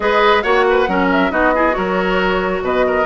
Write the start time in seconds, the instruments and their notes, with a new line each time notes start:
0.00 bassoon G#3, clarinet G#4, oboe B4, flute D#5
0.42 bassoon A#3, clarinet F#4, oboe C#5, flute F#5
0.69 oboe B4
0.87 bassoon F#3, clarinet C#4, oboe A#4
1.11 flute E5
1.30 bassoon B3, clarinet D#4, oboe F#4, flute D#5
1.54 clarinet E4, oboe G#4
1.71 bassoon F#3, clarinet F#4, oboe A#4, flute C#5
2.61 bassoon B2, oboe B4, flute D#5
2.86 oboe A#4